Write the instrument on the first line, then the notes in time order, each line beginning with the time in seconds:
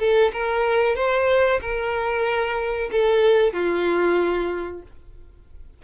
violin
0.00 A4
0.33 A#4
0.96 C5
1.61 A#4
2.92 A4
3.54 F4